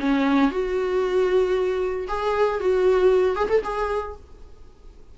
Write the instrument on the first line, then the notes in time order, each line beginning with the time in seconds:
viola
0.00 C#4
0.51 F#4
2.08 G#4
2.60 F#4
3.36 G#4
3.49 A4
3.64 G#4